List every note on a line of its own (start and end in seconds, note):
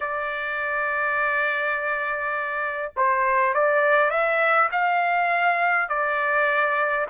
0.00 2.92 D5
2.96 3.54 C5
3.54 4.10 D5
4.10 4.69 E5
4.71 5.89 F5
5.89 7.06 D5